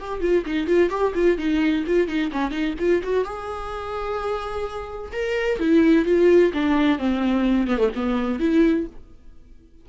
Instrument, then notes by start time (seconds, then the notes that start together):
viola
0.00 G4
0.21 F4
0.46 D#4
0.67 F4
0.90 G4
1.15 F4
1.38 D#4
1.87 F4
2.08 D#4
2.32 C#4
2.51 D#4
2.79 F4
3.03 F#4
3.25 G#4
5.12 A#4
5.60 E4
6.06 F4
6.53 D4
6.98 C4
7.67 B3
7.78 A3
7.95 B3
8.39 E4